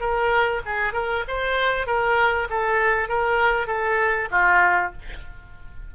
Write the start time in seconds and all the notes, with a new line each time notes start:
0.00 A#4
0.65 G#4
0.93 A#4
1.28 C5
1.86 A#4
2.50 A4
3.09 A#4
3.67 A4
4.31 F4